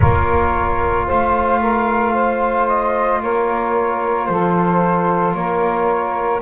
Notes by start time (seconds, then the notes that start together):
0.00 A#3 F4 A#4 C#5
1.06 A3 C5 F5
1.61 A#4
2.13 C5
2.67 D#5
3.21 A#3 A#4 C#5
4.25 F3 A4 C5
5.33 A#3 A#4 C#5